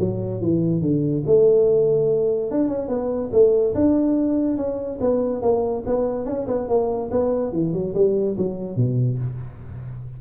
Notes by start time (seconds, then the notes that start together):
0.00 F#3
0.41 E3
0.82 D3
1.27 A3
2.51 D4
2.69 C#4
2.89 B3
3.33 A3
3.75 D4
4.57 C#4
5.01 B3
5.42 A#3
5.87 B3
6.26 C#4
6.48 B3
6.69 A#3
7.12 B3
7.53 E3
7.74 F#3
7.95 G3
8.38 F#3
8.77 B2